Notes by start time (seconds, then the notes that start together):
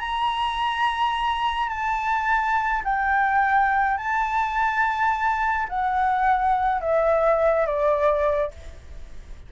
0.00 A#5
1.70 A5
2.85 G5
3.98 A5
5.69 F#5
6.82 E5
7.66 D5